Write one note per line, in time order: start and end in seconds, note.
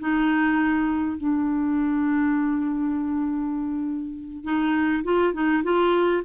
0.00 1.17 D#4
1.17 4.44 D4
4.44 5.04 D#4
5.04 5.34 F4
5.34 5.64 D#4
5.64 6.23 F4